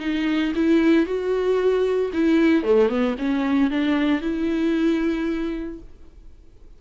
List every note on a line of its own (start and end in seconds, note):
0.00 0.53 D#4
0.56 1.06 E4
1.06 2.11 F#4
2.14 2.64 E4
2.64 2.89 A3
2.89 3.15 B3
3.19 3.71 C#4
3.71 4.22 D4
4.22 5.79 E4